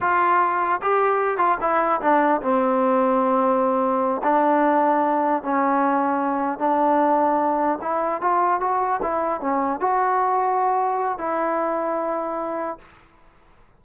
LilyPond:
\new Staff \with { instrumentName = "trombone" } { \time 4/4 \tempo 4 = 150 f'2 g'4. f'8 | e'4 d'4 c'2~ | c'2~ c'8 d'4.~ | d'4. cis'2~ cis'8~ |
cis'8 d'2. e'8~ | e'8 f'4 fis'4 e'4 cis'8~ | cis'8 fis'2.~ fis'8 | e'1 | }